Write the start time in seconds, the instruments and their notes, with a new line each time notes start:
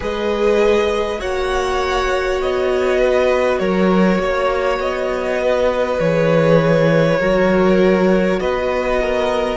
0.00 cello G#3, viola G#4, violin B4 D#5
1.18 cello A#3, viola F#4, violin C#5 F#5
2.41 cello B3, violin D#5
2.98 violin B4
3.58 cello F#3, violin A#4 C#5
4.19 cello A#3, violin C#5
4.79 cello B3, violin D#5
5.40 violin B4
5.99 cello E3, viola G#4, violin C#5
7.19 cello F#3, viola F#4, violin A#4
8.40 cello B3, violin B4 D#5
9.01 violin A#4